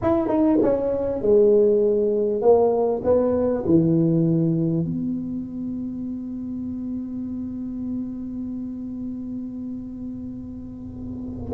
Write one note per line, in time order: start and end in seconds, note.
0.02 0.28 E4
0.28 0.58 D#4
0.62 1.21 C#4
1.21 2.41 G#3
2.41 3.02 A#3
3.03 3.64 B3
3.66 4.85 E3
4.85 11.51 B3